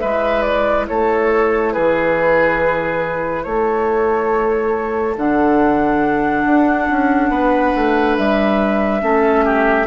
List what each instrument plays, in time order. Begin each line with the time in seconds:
0.00 bassoon G#3, clarinet E4, oboe B4, flute E5
0.42 flute D5
0.88 bassoon A3, oboe A4, flute C#5
1.73 bassoon E3, oboe G#4, flute B4
3.44 bassoon A3, oboe A4, flute C#5
5.17 bassoon D3, clarinet D4, flute F#5
6.46 bassoon D4
6.91 bassoon C#4
7.30 bassoon B3, oboe B4
7.76 bassoon A3
8.18 bassoon G3, flute E5
9.01 bassoon A3, clarinet C#4, oboe A4
9.45 oboe G4